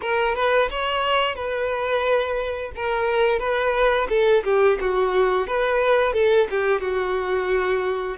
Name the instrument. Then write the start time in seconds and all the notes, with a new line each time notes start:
violin
0.01 A#4
0.35 B4
0.70 C#5
1.35 B4
2.75 A#4
3.39 B4
4.09 A4
4.44 G4
4.80 F#4
5.47 B4
6.13 A4
6.50 G4
6.80 F#4